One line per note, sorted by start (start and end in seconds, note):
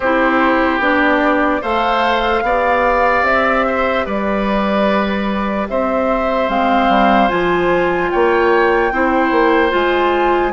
0.00 0.79 C4
0.00 0.80 E4
0.00 1.61 G4
0.00 0.81 C5
0.79 1.60 B3
0.79 1.61 D4
0.79 1.62 D5
1.61 2.43 A3
1.61 2.42 A4
1.61 2.42 C5
1.61 3.25 F5
2.42 3.22 B3
2.42 6.48 G4
2.42 3.66 D5
3.22 4.04 C4
3.22 4.05 E5
3.66 4.05 C5
4.05 5.68 G3
4.05 5.67 B4
4.05 5.67 D5
5.68 6.49 C4
5.68 8.11 C5
5.68 6.49 E5
6.48 6.89 G#3
6.48 7.28 C4
6.48 7.29 F5
6.89 7.29 G3
7.28 8.12 F3
7.28 8.90 F4
7.28 8.10 G#5
8.10 8.91 A#3
8.10 8.92 C#5
8.10 9.72 G5
8.91 9.31 C4
8.91 9.70 E4
8.91 10.53 C5
9.31 9.71 A#3
9.70 10.53 G#3
9.70 10.51 F4
9.70 10.53 G#5